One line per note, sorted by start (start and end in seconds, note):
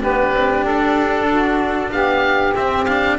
0.00 0.33 B3
0.00 2.53 D4
0.00 1.26 G4
0.00 0.66 B4
0.33 0.64 C4
0.64 1.91 D4
0.64 1.92 A4
1.28 1.91 F#4
1.92 2.55 B3
1.92 3.18 G4
1.92 2.55 F5
2.55 2.87 C4
2.55 3.18 C4
2.55 2.85 E5
2.85 3.18 D4
2.85 3.17 F5